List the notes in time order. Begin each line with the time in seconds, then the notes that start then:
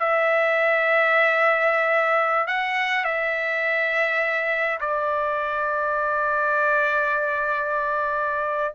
0.00 E5
2.48 F#5
3.05 E5
4.81 D5